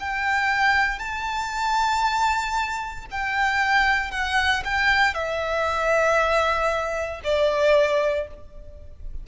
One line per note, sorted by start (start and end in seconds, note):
0.00 0.99 G5
0.99 3.06 A5
3.11 4.11 G5
4.11 4.63 F#5
4.65 5.14 G5
5.14 7.21 E5
7.24 8.28 D5